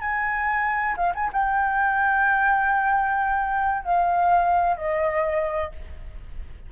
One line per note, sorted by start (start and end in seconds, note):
0.00 0.95 G#5
0.96 1.12 F5
1.14 1.30 G#5
1.32 3.84 G5
3.84 4.77 F5
4.77 5.71 D#5